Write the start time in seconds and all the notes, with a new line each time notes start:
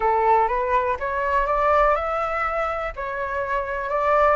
0.00 A4
0.48 B4
0.99 C#5
1.46 D5
1.95 E5
2.96 C#5
3.89 D5